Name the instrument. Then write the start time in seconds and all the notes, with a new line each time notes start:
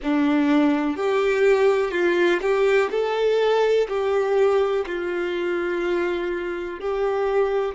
violin
0.02 D4
0.96 G4
1.91 F4
2.41 G4
2.90 A4
3.88 G4
4.86 F4
6.80 G4